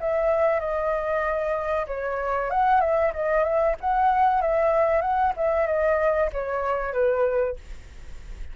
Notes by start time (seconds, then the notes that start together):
0.00 E5
0.60 D#5
1.87 C#5
2.50 F#5
2.81 E5
3.13 D#5
3.44 E5
3.81 F#5
4.42 E5
5.01 F#5
5.37 E5
5.67 D#5
6.32 C#5
6.93 B4